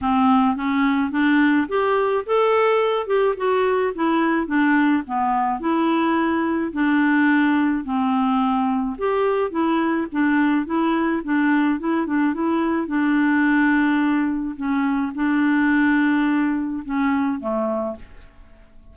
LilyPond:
\new Staff \with { instrumentName = "clarinet" } { \time 4/4 \tempo 4 = 107 c'4 cis'4 d'4 g'4 | a'4. g'8 fis'4 e'4 | d'4 b4 e'2 | d'2 c'2 |
g'4 e'4 d'4 e'4 | d'4 e'8 d'8 e'4 d'4~ | d'2 cis'4 d'4~ | d'2 cis'4 a4 | }